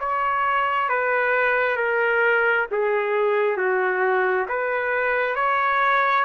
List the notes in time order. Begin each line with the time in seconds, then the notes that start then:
0.00 C#5
0.89 B4
1.77 A#4
2.72 G#4
3.57 F#4
4.49 B4
5.36 C#5